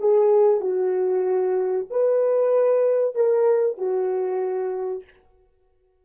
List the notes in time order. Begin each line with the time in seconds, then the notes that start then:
0.00 G#4
0.61 F#4
1.91 B4
3.16 A#4
3.78 F#4